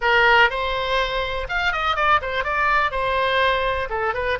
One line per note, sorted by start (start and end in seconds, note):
0.01 0.49 A#4
0.49 1.47 C5
1.49 1.72 F5
1.72 1.96 D#5
1.96 2.20 D5
2.21 2.43 C5
2.43 2.91 D5
2.91 3.88 C5
3.89 4.14 A4
4.14 4.38 B4